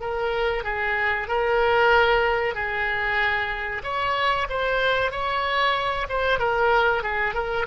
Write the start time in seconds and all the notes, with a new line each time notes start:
0.00 A#4
0.64 G#4
1.27 A#4
2.54 G#4
3.83 C#5
4.49 C5
5.11 C#5
6.09 C5
6.39 A#4
7.03 G#4
7.34 A#4